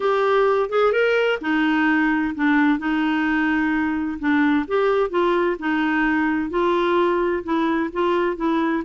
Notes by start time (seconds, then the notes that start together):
0.00 G4
0.69 G#4
0.92 A#4
1.41 D#4
2.35 D4
2.79 D#4
4.19 D4
4.67 G4
5.10 F4
5.59 D#4
6.50 F4
7.43 E4
7.93 F4
8.36 E4